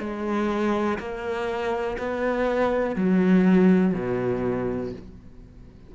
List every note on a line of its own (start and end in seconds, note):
0.00 0.98 G#3
0.99 1.97 A#3
1.98 2.96 B3
2.96 3.94 F#3
3.94 4.93 B2